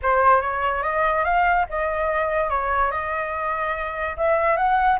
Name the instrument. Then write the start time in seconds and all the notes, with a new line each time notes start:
flute
0.02 C5
0.41 C#5
0.82 D#5
1.24 F5
1.69 D#5
2.50 C#5
2.91 D#5
4.16 E5
4.57 F#5